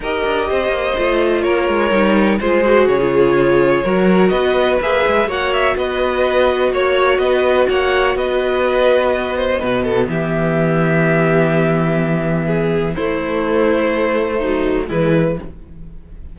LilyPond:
<<
  \new Staff \with { instrumentName = "violin" } { \time 4/4 \tempo 4 = 125 dis''2. cis''4~ | cis''4 c''4 cis''2~ | cis''4 dis''4 e''4 fis''8 e''8 | dis''2 cis''4 dis''4 |
fis''4 dis''2.~ | dis''4 e''2.~ | e''2. c''4~ | c''2. b'4 | }
  \new Staff \with { instrumentName = "violin" } { \time 4/4 ais'4 c''2 ais'4~ | ais'4 gis'2. | ais'4 b'2 cis''4 | b'2 cis''4 b'4 |
cis''4 b'2~ b'8 c''8 | b'8 a'8 g'2.~ | g'2 gis'4 e'4~ | e'2 dis'4 e'4 | }
  \new Staff \with { instrumentName = "viola" } { \time 4/4 g'2 f'2 | dis'4 f'8 fis'8. f'4.~ f'16 | fis'2 gis'4 fis'4~ | fis'1~ |
fis'1 | b1~ | b2. a4~ | a2 fis4 gis4 | }
  \new Staff \with { instrumentName = "cello" } { \time 4/4 dis'8 d'8 c'8 ais8 a4 ais8 gis8 | g4 gis4 cis2 | fis4 b4 ais8 gis8 ais4 | b2 ais4 b4 |
ais4 b2. | b,4 e2.~ | e2. a4~ | a2. e4 | }
>>